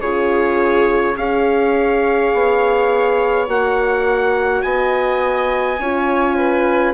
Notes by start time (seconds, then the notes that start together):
0.00 C#3 F4 G#4 C#5
1.17 C#4 G#4 C#5 F5
2.34 B3
3.48 A#3 F#4 F#5
4.62 B3 D#5 G#5
5.79 C#4 F4 C#5
6.37 B4